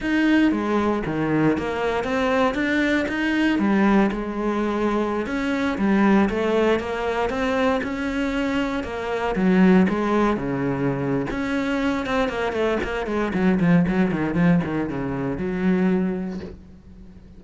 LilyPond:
\new Staff \with { instrumentName = "cello" } { \time 4/4 \tempo 4 = 117 dis'4 gis4 dis4 ais4 | c'4 d'4 dis'4 g4 | gis2~ gis16 cis'4 g8.~ | g16 a4 ais4 c'4 cis'8.~ |
cis'4~ cis'16 ais4 fis4 gis8.~ | gis16 cis4.~ cis16 cis'4. c'8 | ais8 a8 ais8 gis8 fis8 f8 fis8 dis8 | f8 dis8 cis4 fis2 | }